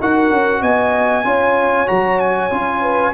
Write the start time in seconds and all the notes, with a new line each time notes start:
0.00 D#4 F#4 A#4 F#5
0.31 C#4
0.62 B3 D#5 G#5
1.25 C#4 F4 C#5
1.87 F#3 F#4 A#5
2.20 G#5
2.51 C#4 F4
2.82 B4